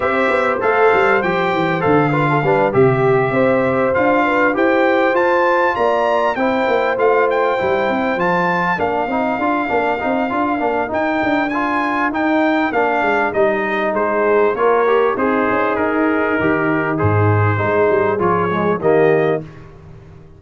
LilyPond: <<
  \new Staff \with { instrumentName = "trumpet" } { \time 4/4 \tempo 4 = 99 e''4 f''4 g''4 f''4~ | f''8 e''2 f''4 g''8~ | g''8 a''4 ais''4 g''4 f''8 | g''4. a''4 f''4.~ |
f''2 g''4 gis''4 | g''4 f''4 dis''4 c''4 | cis''4 c''4 ais'2 | c''2 cis''4 dis''4 | }
  \new Staff \with { instrumentName = "horn" } { \time 4/4 c''2.~ c''8 b'16 a'16 | b'8 g'4 c''4. b'8 c''8~ | c''4. d''4 c''4.~ | c''2~ c''8 ais'4.~ |
ais'1~ | ais'2. gis'4 | ais'4 dis'2.~ | dis'4 gis'2 g'4 | }
  \new Staff \with { instrumentName = "trombone" } { \time 4/4 g'4 a'4 g'4 a'8 f'8 | d'8 g'2 f'4 g'8~ | g'8 f'2 e'4 f'8~ | f'8 e'4 f'4 d'8 dis'8 f'8 |
d'8 dis'8 f'8 d'8 dis'4 f'4 | dis'4 d'4 dis'2 | f'8 g'8 gis'2 g'4 | gis'4 dis'4 f'8 gis8 ais4 | }
  \new Staff \with { instrumentName = "tuba" } { \time 4/4 c'8 b8 a8 g8 f8 e8 d4 | g8 c4 c'4 d'4 e'8~ | e'8 f'4 ais4 c'8 ais8 a8~ | a8 g8 c'8 f4 ais8 c'8 d'8 |
ais8 c'8 d'8 ais8 dis'8 d'4. | dis'4 ais8 gis8 g4 gis4 | ais4 c'8 cis'8 dis'4 dis4 | gis,4 gis8 g8 f4 dis4 | }
>>